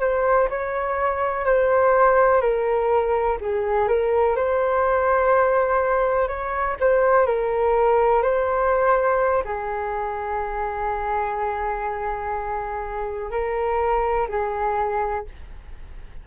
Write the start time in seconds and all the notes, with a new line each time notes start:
0.00 C5
0.50 C#5
1.45 C5
2.41 A#4
3.40 G#4
3.88 A#4
4.36 C5
6.28 C#5
6.80 C5
7.27 A#4
8.22 C5
9.44 G#4
13.31 A#4
14.28 G#4